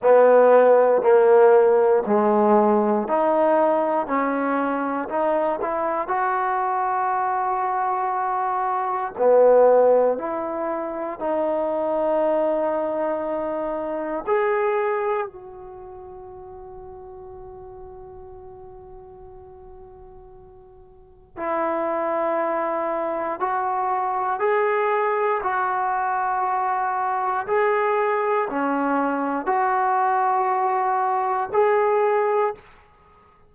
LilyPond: \new Staff \with { instrumentName = "trombone" } { \time 4/4 \tempo 4 = 59 b4 ais4 gis4 dis'4 | cis'4 dis'8 e'8 fis'2~ | fis'4 b4 e'4 dis'4~ | dis'2 gis'4 fis'4~ |
fis'1~ | fis'4 e'2 fis'4 | gis'4 fis'2 gis'4 | cis'4 fis'2 gis'4 | }